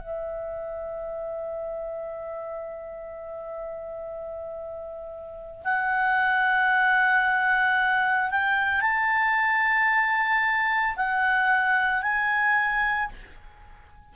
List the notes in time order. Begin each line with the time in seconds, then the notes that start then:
0.00 E5
5.65 F#5
8.31 G5
8.81 A5
10.97 F#5
12.02 G#5